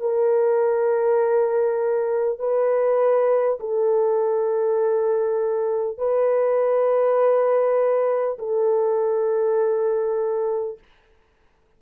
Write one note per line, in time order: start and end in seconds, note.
0.00 2.39 A#4
2.39 3.59 B4
3.60 5.98 A4
5.98 8.38 B4
8.39 10.79 A4